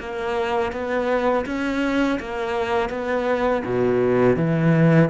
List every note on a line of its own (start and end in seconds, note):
0.00 0.73 A#3
0.73 1.46 B3
1.46 2.19 C#4
2.20 2.90 A#3
2.90 3.63 B3
3.65 4.36 B2
4.36 5.10 E3